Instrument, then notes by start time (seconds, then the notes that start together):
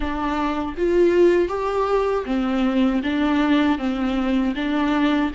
viola
0.00 D4
0.77 F4
1.48 G4
2.25 C4
3.03 D4
3.78 C4
4.55 D4